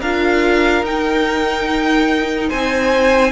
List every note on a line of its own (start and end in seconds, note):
0.00 0.82 D4
0.00 0.84 F4
0.00 2.49 A#4
0.00 0.85 F5
0.82 2.49 D#4
0.82 3.31 D#4
0.82 2.49 G5
2.49 3.31 C4
2.49 3.31 C5
2.49 3.31 G#5